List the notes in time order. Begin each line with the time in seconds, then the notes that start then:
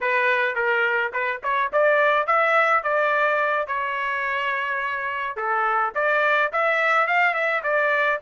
0.01 B4
0.55 A#4
1.12 B4
1.43 C#5
1.72 D5
2.26 E5
2.83 D5
3.67 C#5
5.36 A4
5.95 D5
6.52 E5
7.07 F5
7.34 E5
7.63 D5